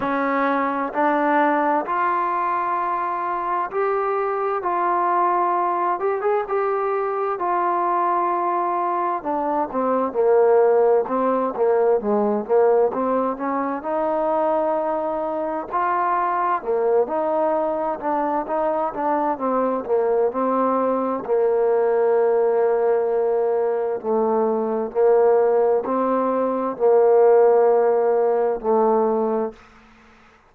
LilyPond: \new Staff \with { instrumentName = "trombone" } { \time 4/4 \tempo 4 = 65 cis'4 d'4 f'2 | g'4 f'4. g'16 gis'16 g'4 | f'2 d'8 c'8 ais4 | c'8 ais8 gis8 ais8 c'8 cis'8 dis'4~ |
dis'4 f'4 ais8 dis'4 d'8 | dis'8 d'8 c'8 ais8 c'4 ais4~ | ais2 a4 ais4 | c'4 ais2 a4 | }